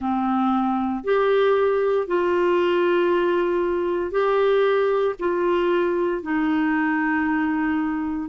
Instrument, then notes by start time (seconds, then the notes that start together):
clarinet
0.00 C4
1.03 G4
2.07 F4
4.11 G4
5.19 F4
6.22 D#4